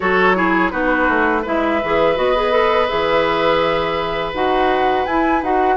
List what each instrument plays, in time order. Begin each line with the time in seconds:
0.00 bassoon F#3, clarinet F#4, oboe A4, flute C#5
0.35 clarinet E4, oboe G#4
0.70 bassoon B3, clarinet D#4, oboe F#4, flute B4
1.08 bassoon A3
1.42 bassoon G#3, clarinet E4, oboe B4, flute E5
1.83 bassoon E3, clarinet G#4
2.15 bassoon B3, clarinet F#4, flute D#5
2.35 clarinet G#4
2.51 clarinet A4
2.87 bassoon E3, clarinet G#4, flute E5
4.33 bassoon D#4, clarinet F#4, flute F#5
5.05 bassoon E4, clarinet E4, flute G#5
5.42 bassoon D#4, clarinet F#4, flute F#5